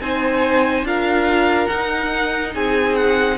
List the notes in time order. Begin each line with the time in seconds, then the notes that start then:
0.00 C4 D#4 C5 G#5
0.83 D4 F4 A#4 F5
1.67 D#4 F#5
2.54 C4 G#4 G#5
2.96 F#5